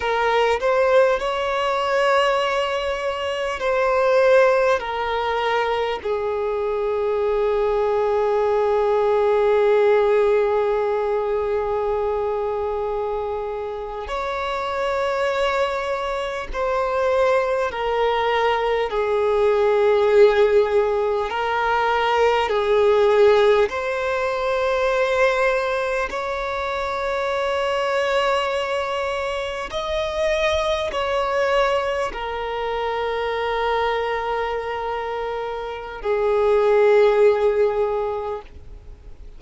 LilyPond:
\new Staff \with { instrumentName = "violin" } { \time 4/4 \tempo 4 = 50 ais'8 c''8 cis''2 c''4 | ais'4 gis'2.~ | gis'2.~ gis'8. cis''16~ | cis''4.~ cis''16 c''4 ais'4 gis'16~ |
gis'4.~ gis'16 ais'4 gis'4 c''16~ | c''4.~ c''16 cis''2~ cis''16~ | cis''8. dis''4 cis''4 ais'4~ ais'16~ | ais'2 gis'2 | }